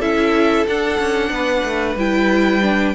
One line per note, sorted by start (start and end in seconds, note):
0.00 0.66 C#4
0.00 0.67 E4
0.00 1.30 A4
0.00 0.67 E5
0.67 1.00 D4
0.67 1.99 D4
0.67 1.98 F#5
1.00 1.30 C#4
1.30 1.63 B3
1.30 2.95 B4
1.65 1.96 A3
1.96 2.94 G3
1.96 2.62 E4
1.96 2.95 G5
2.62 2.95 D4